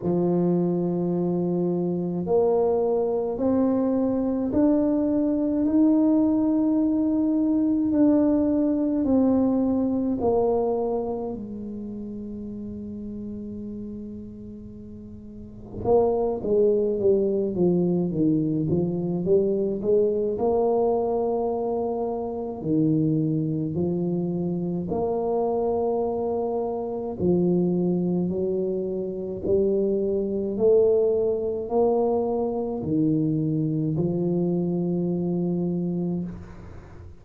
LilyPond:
\new Staff \with { instrumentName = "tuba" } { \time 4/4 \tempo 4 = 53 f2 ais4 c'4 | d'4 dis'2 d'4 | c'4 ais4 gis2~ | gis2 ais8 gis8 g8 f8 |
dis8 f8 g8 gis8 ais2 | dis4 f4 ais2 | f4 fis4 g4 a4 | ais4 dis4 f2 | }